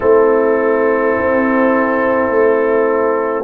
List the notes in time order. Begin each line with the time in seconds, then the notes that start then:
0.00 A3 C4 E4 A4
1.17 C4
2.29 A3